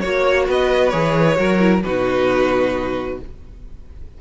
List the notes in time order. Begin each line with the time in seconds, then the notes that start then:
0.00 A#3 F#4 C#5
0.47 B3 B4 D#5
0.88 E3 G#4 C#5
1.35 F#3 F#4 A#4
1.59 E4
1.82 B2 D#4 F#4 B4